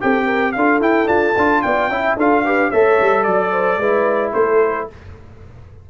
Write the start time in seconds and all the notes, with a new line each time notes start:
0.00 C4 G4 A4 G5
0.25 A#4
0.52 D4 F4 A4 F5
0.80 E4 G5
1.06 D4 F4 A5
1.36 D4 F4
1.61 B3 D5 G5
1.88 C#4 E4 E5
2.17 D4 F4 A4 F5
2.44 G4 B4
2.69 A3 A4 C#5 E5
3.00 G3
3.23 F#3 D5
3.52 C5
3.78 G#3 E4 B4
4.33 A3 A4 C5